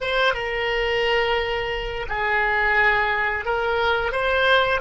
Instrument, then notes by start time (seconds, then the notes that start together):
oboe
0.00 C5
0.34 A#4
2.08 G#4
3.45 A#4
4.12 C5